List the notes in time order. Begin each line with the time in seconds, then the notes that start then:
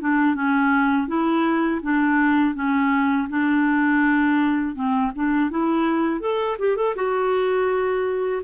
0.00 D4
0.35 C#4
1.07 E4
1.82 D4
2.55 C#4
3.29 D4
4.75 C4
5.15 D4
5.50 E4
6.20 A4
6.59 G4
6.76 A4
6.95 F#4